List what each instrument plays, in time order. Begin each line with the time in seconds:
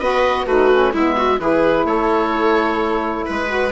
0.00 bassoon B3, saxophone F#4, viola B4, oboe D#5
0.46 bassoon A3, saxophone D#4, viola F#4, oboe B4
0.71 saxophone C#4
0.93 bassoon G#3, saxophone B3, viola E4, oboe E5
1.17 viola F#4
1.39 bassoon E3, saxophone E4, viola G#4, oboe B4
1.85 bassoon A3, viola A4, oboe C#5
3.26 bassoon G#3, viola B4, oboe B4
3.47 saxophone F#4